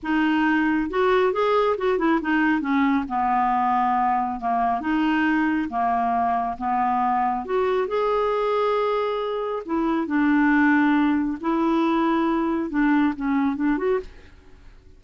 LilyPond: \new Staff \with { instrumentName = "clarinet" } { \time 4/4 \tempo 4 = 137 dis'2 fis'4 gis'4 | fis'8 e'8 dis'4 cis'4 b4~ | b2 ais4 dis'4~ | dis'4 ais2 b4~ |
b4 fis'4 gis'2~ | gis'2 e'4 d'4~ | d'2 e'2~ | e'4 d'4 cis'4 d'8 fis'8 | }